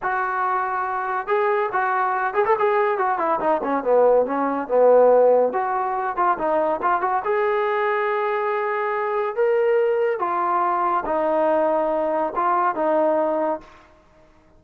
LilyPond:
\new Staff \with { instrumentName = "trombone" } { \time 4/4 \tempo 4 = 141 fis'2. gis'4 | fis'4. gis'16 a'16 gis'4 fis'8 e'8 | dis'8 cis'8 b4 cis'4 b4~ | b4 fis'4. f'8 dis'4 |
f'8 fis'8 gis'2.~ | gis'2 ais'2 | f'2 dis'2~ | dis'4 f'4 dis'2 | }